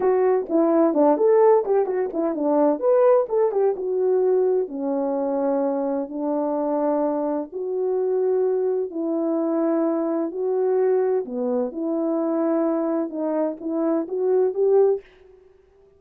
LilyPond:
\new Staff \with { instrumentName = "horn" } { \time 4/4 \tempo 4 = 128 fis'4 e'4 d'8 a'4 g'8 | fis'8 e'8 d'4 b'4 a'8 g'8 | fis'2 cis'2~ | cis'4 d'2. |
fis'2. e'4~ | e'2 fis'2 | b4 e'2. | dis'4 e'4 fis'4 g'4 | }